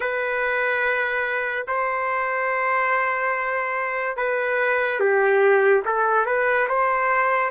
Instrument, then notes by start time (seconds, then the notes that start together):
trumpet
0.00 B4
1.67 C5
4.16 B4
5.00 G4
5.85 A4
6.26 B4
6.68 C5